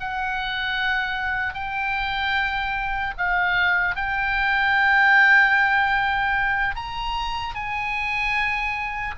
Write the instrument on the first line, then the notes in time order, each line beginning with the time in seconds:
oboe
0.00 F#5
1.54 G5
3.17 F5
3.95 G5
6.75 A#5
7.55 G#5